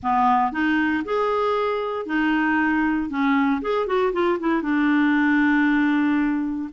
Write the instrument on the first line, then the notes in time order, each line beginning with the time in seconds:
clarinet
0.02 B3
0.51 D#4
1.05 G#4
2.05 D#4
3.09 C#4
3.61 G#4
3.86 F#4
4.12 F4
4.39 E4
4.62 D4